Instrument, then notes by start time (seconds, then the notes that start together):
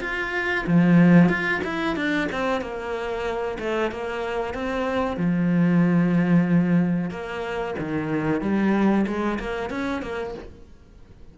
cello
0.00 F4
0.67 F3
1.28 F4
1.64 E4
1.96 D4
2.31 C4
2.61 A#3
3.59 A3
3.91 A#3
4.54 C4
5.17 F3
7.10 A#3
7.79 D#3
8.41 G3
9.06 G#3
9.39 A#3
9.70 C#4
10.02 A#3